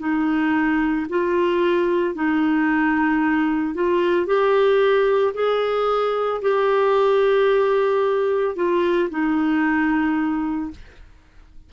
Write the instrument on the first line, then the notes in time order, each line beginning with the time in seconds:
clarinet
0.00 D#4
1.10 F4
2.15 D#4
3.75 F4
4.27 G4
5.34 G#4
6.42 G4
8.56 F4
9.11 D#4